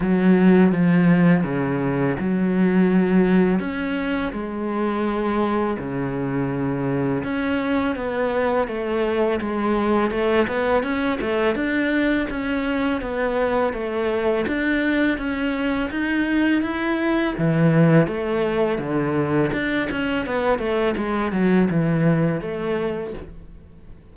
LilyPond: \new Staff \with { instrumentName = "cello" } { \time 4/4 \tempo 4 = 83 fis4 f4 cis4 fis4~ | fis4 cis'4 gis2 | cis2 cis'4 b4 | a4 gis4 a8 b8 cis'8 a8 |
d'4 cis'4 b4 a4 | d'4 cis'4 dis'4 e'4 | e4 a4 d4 d'8 cis'8 | b8 a8 gis8 fis8 e4 a4 | }